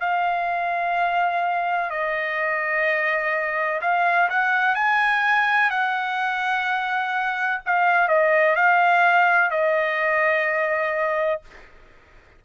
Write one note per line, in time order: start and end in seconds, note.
0.00 1.90 F5
1.90 3.81 D#5
3.81 4.29 F5
4.29 4.75 F#5
4.75 5.70 G#5
5.70 7.61 F#5
7.65 8.08 F5
8.08 8.56 D#5
8.56 9.51 F5
9.51 11.41 D#5